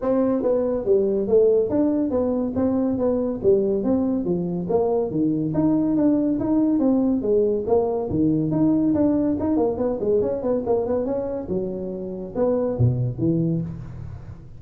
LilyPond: \new Staff \with { instrumentName = "tuba" } { \time 4/4 \tempo 4 = 141 c'4 b4 g4 a4 | d'4 b4 c'4 b4 | g4 c'4 f4 ais4 | dis4 dis'4 d'4 dis'4 |
c'4 gis4 ais4 dis4 | dis'4 d'4 dis'8 ais8 b8 gis8 | cis'8 b8 ais8 b8 cis'4 fis4~ | fis4 b4 b,4 e4 | }